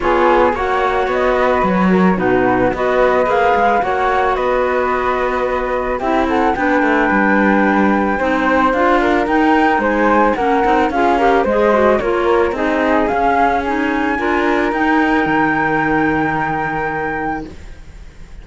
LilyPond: <<
  \new Staff \with { instrumentName = "flute" } { \time 4/4 \tempo 4 = 110 cis''4 fis''4 dis''4 cis''4 | b'4 dis''4 f''4 fis''4 | dis''2. e''8 fis''8 | g''1 |
f''4 g''4 gis''4 fis''4 | f''4 dis''4 cis''4 dis''4 | f''4 gis''2 g''4~ | g''1 | }
  \new Staff \with { instrumentName = "flute" } { \time 4/4 gis'4 cis''4. b'4 ais'8 | fis'4 b'2 cis''4 | b'2. g'8 a'8 | b'2. c''4~ |
c''8 ais'4. c''4 ais'4 | gis'8 ais'8 c''4 ais'4 gis'4~ | gis'2 ais'2~ | ais'1 | }
  \new Staff \with { instrumentName = "clarinet" } { \time 4/4 f'4 fis'2. | dis'4 fis'4 gis'4 fis'4~ | fis'2. e'4 | d'2. dis'4 |
f'4 dis'2 cis'8 dis'8 | f'8 g'8 gis'8 fis'8 f'4 dis'4 | cis'4 dis'4 f'4 dis'4~ | dis'1 | }
  \new Staff \with { instrumentName = "cello" } { \time 4/4 b4 ais4 b4 fis4 | b,4 b4 ais8 gis8 ais4 | b2. c'4 | b8 a8 g2 c'4 |
d'4 dis'4 gis4 ais8 c'8 | cis'4 gis4 ais4 c'4 | cis'2 d'4 dis'4 | dis1 | }
>>